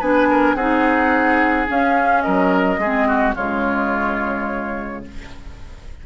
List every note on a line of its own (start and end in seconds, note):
0.00 0.55 B3
0.00 0.58 D4
0.00 0.28 B4
0.00 0.55 G#5
0.30 0.56 A#4
0.55 1.67 C4
0.55 1.67 D#4
0.55 2.24 G#4
0.55 1.67 F#5
1.67 2.79 C#4
1.67 2.27 C#4
1.67 2.22 F5
2.22 2.78 F#3
2.22 2.80 A#4
2.22 3.34 D#5
2.78 3.34 G#3
2.78 3.08 G#4
2.85 3.36 C4
3.08 3.35 F#4
3.35 5.06 C#3
3.35 5.04 G#3
3.35 5.04 F4
3.35 5.05 C#5